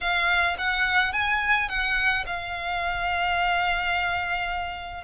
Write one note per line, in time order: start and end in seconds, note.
0.01 0.57 F5
0.58 1.12 F#5
1.12 1.68 G#5
1.68 2.24 F#5
2.26 5.04 F5